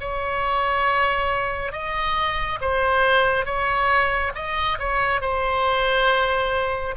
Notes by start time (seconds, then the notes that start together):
0.00 C#5
1.72 D#5
2.60 C5
3.45 C#5
4.34 D#5
4.79 C#5
5.21 C5